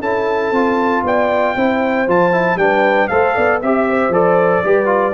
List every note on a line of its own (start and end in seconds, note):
0.00 0.51 C#4
0.00 0.54 E4
0.00 1.03 A4
0.00 1.04 A5
0.51 1.03 C4
0.51 1.57 F4
1.03 1.55 B3
1.03 1.57 D5
1.03 2.09 G5
1.56 2.07 C4
1.56 2.08 E4
1.56 2.60 C5
2.07 2.56 F3
2.07 2.32 F4
2.07 2.58 A5
2.32 2.58 E4
2.56 3.07 G3
2.56 3.10 D4
2.56 3.10 B4
2.56 3.08 G5
3.08 3.36 A3
3.08 3.61 A4
3.08 3.35 C5
3.08 3.59 F5
3.35 3.62 B3
3.35 3.61 D5
3.62 4.09 C4
3.62 4.12 G4
3.62 4.13 E5
3.62 3.89 E5
3.90 4.65 C5
4.09 4.60 F3
4.09 4.64 A4
4.09 5.14 D5
4.64 5.14 G3
4.64 4.86 G4
4.64 5.14 B4
4.86 5.12 F4